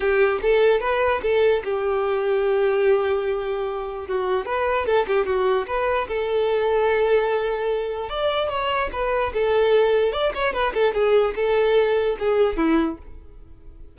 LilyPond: \new Staff \with { instrumentName = "violin" } { \time 4/4 \tempo 4 = 148 g'4 a'4 b'4 a'4 | g'1~ | g'2 fis'4 b'4 | a'8 g'8 fis'4 b'4 a'4~ |
a'1 | d''4 cis''4 b'4 a'4~ | a'4 d''8 cis''8 b'8 a'8 gis'4 | a'2 gis'4 e'4 | }